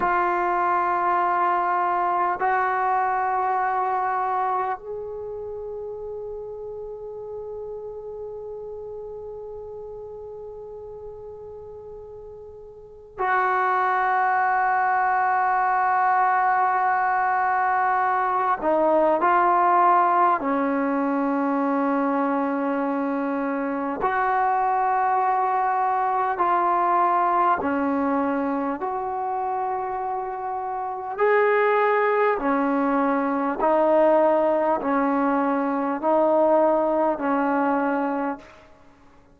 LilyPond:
\new Staff \with { instrumentName = "trombone" } { \time 4/4 \tempo 4 = 50 f'2 fis'2 | gis'1~ | gis'2. fis'4~ | fis'2.~ fis'8 dis'8 |
f'4 cis'2. | fis'2 f'4 cis'4 | fis'2 gis'4 cis'4 | dis'4 cis'4 dis'4 cis'4 | }